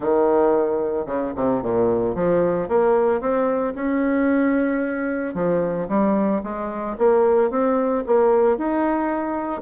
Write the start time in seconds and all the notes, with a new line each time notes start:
0.00 D#3
1.06 C#3
1.35 C3
1.62 A#2
2.15 F3
2.68 A#3
3.20 C4
3.75 C#4
5.34 F3
5.88 G3
6.43 G#3
6.98 A#3
7.50 C4
8.06 A#3
8.57 D#4